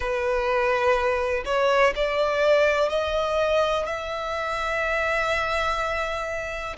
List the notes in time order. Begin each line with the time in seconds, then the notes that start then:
0.00 B4
1.45 C#5
1.95 D5
2.89 D#5
3.85 E5